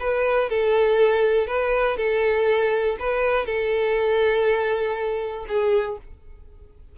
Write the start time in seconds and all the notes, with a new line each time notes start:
0.00 B4
0.50 A4
1.47 B4
1.97 A4
3.00 B4
3.46 A4
5.48 G#4